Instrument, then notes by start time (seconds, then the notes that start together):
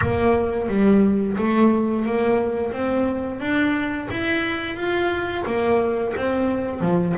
double bass
0.01 A#3
0.68 G3
1.37 A3
2.05 A#3
2.72 C4
3.39 D4
4.10 E4
4.76 F4
5.45 A#3
6.16 C4
6.80 F3